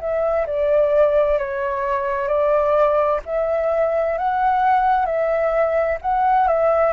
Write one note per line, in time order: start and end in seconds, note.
0.00 0.46 E5
0.47 1.38 D5
1.38 2.28 C#5
2.28 3.21 D5
3.26 4.18 E5
4.18 5.06 F#5
5.06 5.98 E5
6.02 6.48 F#5
6.48 6.93 E5